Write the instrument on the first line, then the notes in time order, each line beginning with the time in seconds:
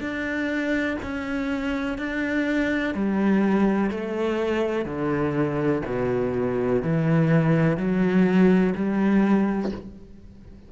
cello
0.00 D4
1.02 C#4
1.98 D4
2.94 G3
3.90 A3
4.85 D3
5.85 B2
6.82 E3
7.77 F#3
8.74 G3